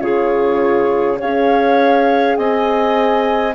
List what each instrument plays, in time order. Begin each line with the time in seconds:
0.00 bassoon C#3, horn F4, clarinet G#4, flute C#5
1.19 bassoon C#4, horn G#4, clarinet C#5, flute F5
2.37 bassoon C4, clarinet D#5, flute G#5